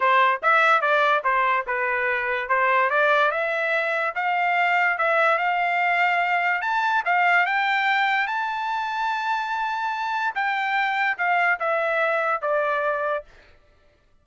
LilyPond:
\new Staff \with { instrumentName = "trumpet" } { \time 4/4 \tempo 4 = 145 c''4 e''4 d''4 c''4 | b'2 c''4 d''4 | e''2 f''2 | e''4 f''2. |
a''4 f''4 g''2 | a''1~ | a''4 g''2 f''4 | e''2 d''2 | }